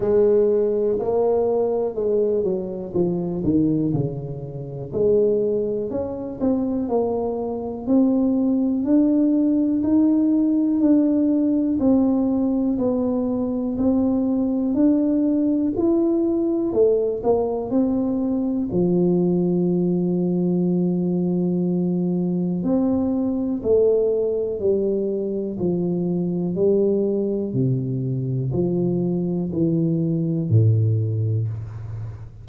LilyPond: \new Staff \with { instrumentName = "tuba" } { \time 4/4 \tempo 4 = 61 gis4 ais4 gis8 fis8 f8 dis8 | cis4 gis4 cis'8 c'8 ais4 | c'4 d'4 dis'4 d'4 | c'4 b4 c'4 d'4 |
e'4 a8 ais8 c'4 f4~ | f2. c'4 | a4 g4 f4 g4 | c4 f4 e4 a,4 | }